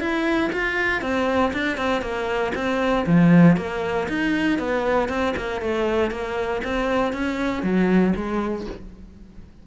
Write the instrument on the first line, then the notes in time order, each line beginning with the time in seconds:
cello
0.00 E4
0.52 F4
1.02 C4
1.53 D4
1.77 C4
2.02 A#3
2.55 C4
3.06 F3
3.57 A#3
4.08 D#4
4.59 B3
5.09 C4
5.37 A#3
5.61 A3
6.11 A#3
6.64 C4
7.13 C#4
7.63 F#3
8.16 G#3